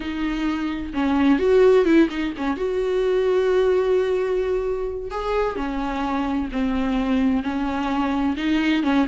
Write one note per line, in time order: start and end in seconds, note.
0.00 0.92 D#4
0.93 1.38 C#4
1.38 1.85 F#4
1.85 2.08 E4
2.10 2.33 D#4
2.37 2.56 C#4
2.56 5.11 F#4
5.11 5.55 G#4
5.55 6.48 C#4
6.52 7.43 C4
7.43 8.36 C#4
8.37 8.83 D#4
8.83 9.06 C#4